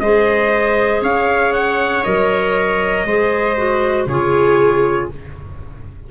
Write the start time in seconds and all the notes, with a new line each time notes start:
0.00 G#3 G#4 C5 D#5
1.01 C#4 C#5 F5
1.53 F#5
2.04 F#3 A#4 D#5
3.05 G#3 G#4 C5
3.57 F#4
4.06 C#3 F4 G#4 C#5